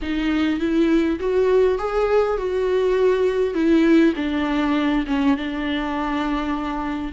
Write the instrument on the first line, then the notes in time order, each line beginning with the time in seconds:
viola
0.01 D#4
0.59 E4
1.19 F#4
1.78 G#4
2.37 F#4
3.54 E4
4.16 D4
5.07 C#4
5.36 D4